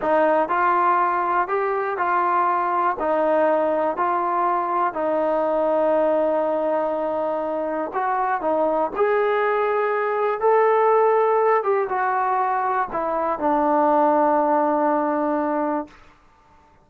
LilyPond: \new Staff \with { instrumentName = "trombone" } { \time 4/4 \tempo 4 = 121 dis'4 f'2 g'4 | f'2 dis'2 | f'2 dis'2~ | dis'1 |
fis'4 dis'4 gis'2~ | gis'4 a'2~ a'8 g'8 | fis'2 e'4 d'4~ | d'1 | }